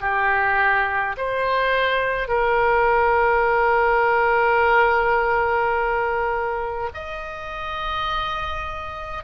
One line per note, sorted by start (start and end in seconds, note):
0.00 1.15 G4
1.17 2.28 C5
2.28 6.89 A#4
6.94 9.24 D#5